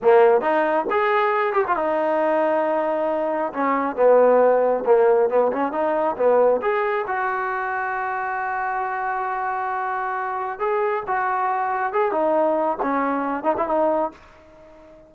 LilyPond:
\new Staff \with { instrumentName = "trombone" } { \time 4/4 \tempo 4 = 136 ais4 dis'4 gis'4. g'16 f'16 | dis'1 | cis'4 b2 ais4 | b8 cis'8 dis'4 b4 gis'4 |
fis'1~ | fis'1 | gis'4 fis'2 gis'8 dis'8~ | dis'4 cis'4. dis'16 e'16 dis'4 | }